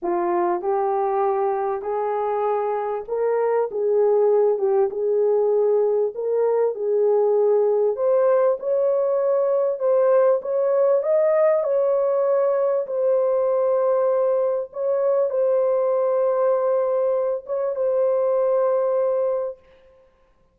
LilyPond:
\new Staff \with { instrumentName = "horn" } { \time 4/4 \tempo 4 = 98 f'4 g'2 gis'4~ | gis'4 ais'4 gis'4. g'8 | gis'2 ais'4 gis'4~ | gis'4 c''4 cis''2 |
c''4 cis''4 dis''4 cis''4~ | cis''4 c''2. | cis''4 c''2.~ | c''8 cis''8 c''2. | }